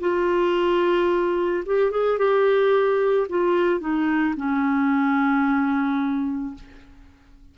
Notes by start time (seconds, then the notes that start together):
0.00 F4
1.66 G4
1.91 G#4
2.18 G4
3.29 F4
3.80 D#4
4.36 C#4